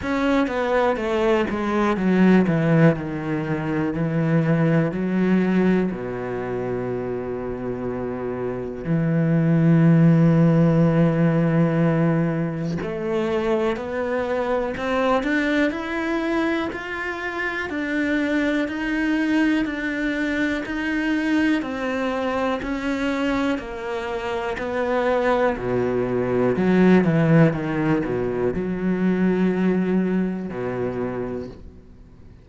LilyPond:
\new Staff \with { instrumentName = "cello" } { \time 4/4 \tempo 4 = 61 cis'8 b8 a8 gis8 fis8 e8 dis4 | e4 fis4 b,2~ | b,4 e2.~ | e4 a4 b4 c'8 d'8 |
e'4 f'4 d'4 dis'4 | d'4 dis'4 c'4 cis'4 | ais4 b4 b,4 fis8 e8 | dis8 b,8 fis2 b,4 | }